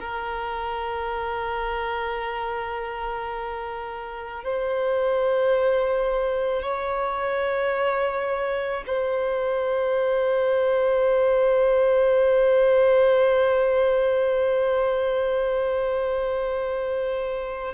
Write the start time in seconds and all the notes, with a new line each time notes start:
0.00 A#4
4.44 C5
6.62 C#5
8.87 C5